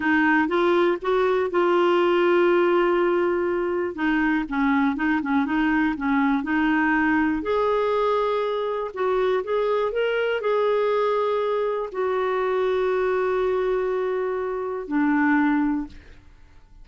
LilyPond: \new Staff \with { instrumentName = "clarinet" } { \time 4/4 \tempo 4 = 121 dis'4 f'4 fis'4 f'4~ | f'1 | dis'4 cis'4 dis'8 cis'8 dis'4 | cis'4 dis'2 gis'4~ |
gis'2 fis'4 gis'4 | ais'4 gis'2. | fis'1~ | fis'2 d'2 | }